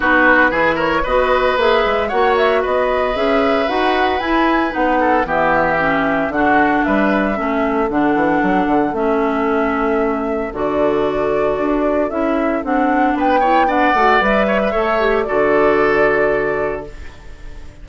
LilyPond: <<
  \new Staff \with { instrumentName = "flute" } { \time 4/4 \tempo 4 = 114 b'4. cis''8 dis''4 e''4 | fis''8 e''8 dis''4 e''4 fis''4 | gis''4 fis''4 e''2 | fis''4 e''2 fis''4~ |
fis''4 e''2. | d''2. e''4 | fis''4 g''4 fis''4 e''4~ | e''4 d''2. | }
  \new Staff \with { instrumentName = "oboe" } { \time 4/4 fis'4 gis'8 ais'8 b'2 | cis''4 b'2.~ | b'4. a'8 g'2 | fis'4 b'4 a'2~ |
a'1~ | a'1~ | a'4 b'8 cis''8 d''4. cis''16 b'16 | cis''4 a'2. | }
  \new Staff \with { instrumentName = "clarinet" } { \time 4/4 dis'4 e'4 fis'4 gis'4 | fis'2 gis'4 fis'4 | e'4 dis'4 b4 cis'4 | d'2 cis'4 d'4~ |
d'4 cis'2. | fis'2. e'4 | d'4. e'8 d'8 fis'8 b'4 | a'8 g'8 fis'2. | }
  \new Staff \with { instrumentName = "bassoon" } { \time 4/4 b4 e4 b4 ais8 gis8 | ais4 b4 cis'4 dis'4 | e'4 b4 e2 | d4 g4 a4 d8 e8 |
fis8 d8 a2. | d2 d'4 cis'4 | c'4 b4. a8 g4 | a4 d2. | }
>>